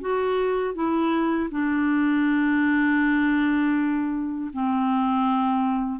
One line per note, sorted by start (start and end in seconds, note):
0.00 0.74 F#4
0.74 1.49 E4
1.51 4.51 D4
4.53 5.99 C4